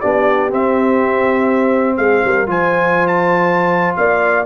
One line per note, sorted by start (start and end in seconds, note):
0.00 0.53 B3
0.00 0.49 D4
0.00 1.97 G4
0.00 0.50 D5
0.49 2.47 C4
0.49 1.98 C4
0.49 1.96 E5
1.96 2.22 G#3
1.96 2.22 G#4
1.96 2.46 F5
2.24 2.46 G3
2.24 2.50 A#4
2.46 3.95 F3
2.46 4.45 F4
2.46 3.97 C5
2.46 3.07 G#5
3.07 3.94 A5
3.96 4.46 A#3
3.96 4.46 D5
3.96 4.45 F5